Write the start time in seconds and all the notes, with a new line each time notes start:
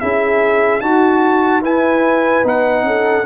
0.00 C#4 E4 G#4 E5
0.81 D#4 F#4 A5
1.62 E4 B4 G#5
2.43 B3 D#4 F#5
2.83 C#4 A4